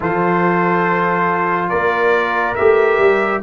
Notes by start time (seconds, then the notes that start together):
0.00 F3 F4 A4 C5
1.69 A#3 A#4 D5
2.55 A3 G4 E5
2.98 G3